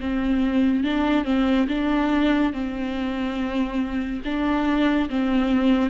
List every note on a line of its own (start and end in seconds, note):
0.00 0.84 C4
0.84 1.24 D4
1.24 1.67 C4
1.68 2.53 D4
2.53 4.22 C4
4.24 5.09 D4
5.09 5.90 C4